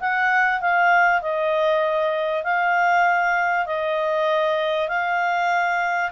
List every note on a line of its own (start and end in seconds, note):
0.00 0.60 F#5
0.60 1.21 F5
1.21 2.43 D#5
2.43 3.66 F5
3.66 4.88 D#5
4.88 6.11 F5